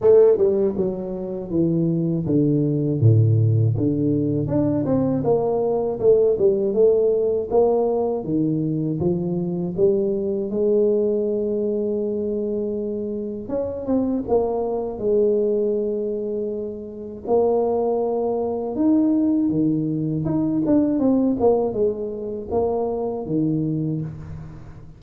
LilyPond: \new Staff \with { instrumentName = "tuba" } { \time 4/4 \tempo 4 = 80 a8 g8 fis4 e4 d4 | a,4 d4 d'8 c'8 ais4 | a8 g8 a4 ais4 dis4 | f4 g4 gis2~ |
gis2 cis'8 c'8 ais4 | gis2. ais4~ | ais4 dis'4 dis4 dis'8 d'8 | c'8 ais8 gis4 ais4 dis4 | }